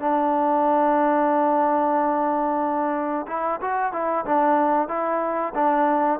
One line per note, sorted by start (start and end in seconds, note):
0.00 3.26 D4
3.27 3.60 E4
3.61 3.92 F#4
3.92 4.25 E4
4.25 4.88 D4
4.88 5.53 E4
5.54 6.20 D4